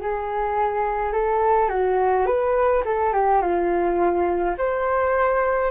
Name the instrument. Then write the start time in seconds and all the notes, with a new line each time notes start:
flute
0.00 G#4
1.12 A4
1.69 F#4
2.26 B4
2.84 A4
3.13 G4
3.41 F4
4.57 C5